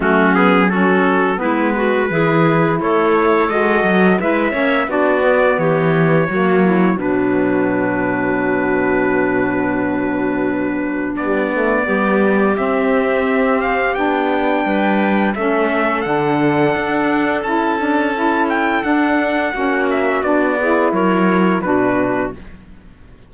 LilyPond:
<<
  \new Staff \with { instrumentName = "trumpet" } { \time 4/4 \tempo 4 = 86 fis'8 gis'8 a'4 b'2 | cis''4 dis''4 e''4 d''4 | cis''2 b'2~ | b'1 |
d''2 e''4. f''8 | g''2 e''4 fis''4~ | fis''4 a''4. g''8 fis''4~ | fis''8 e''8 d''4 cis''4 b'4 | }
  \new Staff \with { instrumentName = "clarinet" } { \time 4/4 cis'4 fis'4 e'8 fis'8 gis'4 | a'2 b'8 cis''8 fis'4 | g'4 fis'8 e'8 d'2~ | d'1~ |
d'4 g'2.~ | g'4 b'4 a'2~ | a'1 | fis'4. gis'8 ais'4 fis'4 | }
  \new Staff \with { instrumentName = "saxophone" } { \time 4/4 a8 b8 cis'4 b4 e'4~ | e'4 fis'4 e'8 cis'8 d'8 b8~ | b4 ais4 fis2~ | fis1 |
g8 a8 b4 c'2 | d'2 cis'4 d'4~ | d'4 e'8 d'8 e'4 d'4 | cis'4 d'8 e'4. d'4 | }
  \new Staff \with { instrumentName = "cello" } { \time 4/4 fis2 gis4 e4 | a4 gis8 fis8 gis8 ais8 b4 | e4 fis4 b,2~ | b,1 |
b4 g4 c'2 | b4 g4 a4 d4 | d'4 cis'2 d'4 | ais4 b4 fis4 b,4 | }
>>